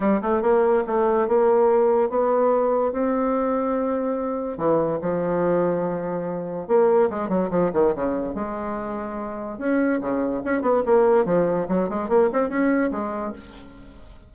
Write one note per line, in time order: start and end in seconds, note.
0.00 0.21 G3
0.21 0.42 A3
0.42 0.83 A#3
0.86 1.27 A3
1.27 2.09 A#3
2.09 2.92 B3
2.92 4.57 C4
4.57 4.99 E3
5.01 6.67 F3
6.67 7.09 A#3
7.10 7.28 G#3
7.28 7.49 F#3
7.50 7.71 F3
7.73 7.94 D#3
7.95 8.34 C#3
8.34 9.58 G#3
9.58 10.00 C#4
10.00 10.42 C#3
10.45 10.61 C#4
10.61 10.82 B3
10.85 11.25 A#3
11.25 11.67 F3
11.68 11.89 F#3
11.89 12.09 G#3
12.09 12.29 A#3
12.33 12.49 C4
12.49 12.90 C#4
12.91 13.33 G#3